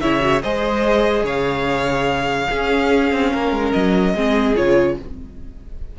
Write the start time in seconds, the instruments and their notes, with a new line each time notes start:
0.00 cello C#3, viola E4, violin C#5 E5
0.20 viola F#4
0.42 cello G#3, viola G#4, violin C5 D#5
1.23 cello C#3, violin C#5 F5
2.50 viola C#4, cello C#4, violin G#4
3.12 cello C4
3.32 cello A#3, violin A#4
3.51 cello G#3
3.72 cello F#3, violin D#5
4.14 cello G#3, viola C4, violin G#4
4.55 cello C#3, viola F4, violin C#5